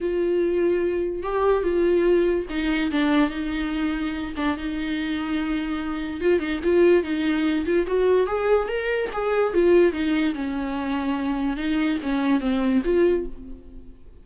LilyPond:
\new Staff \with { instrumentName = "viola" } { \time 4/4 \tempo 4 = 145 f'2. g'4 | f'2 dis'4 d'4 | dis'2~ dis'8 d'8 dis'4~ | dis'2. f'8 dis'8 |
f'4 dis'4. f'8 fis'4 | gis'4 ais'4 gis'4 f'4 | dis'4 cis'2. | dis'4 cis'4 c'4 f'4 | }